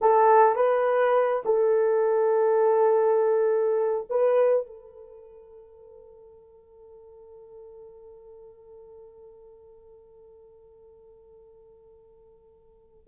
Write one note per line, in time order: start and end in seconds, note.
0.01 0.55 A4
0.55 1.43 B4
1.45 4.07 A4
4.09 4.66 B4
4.66 13.07 A4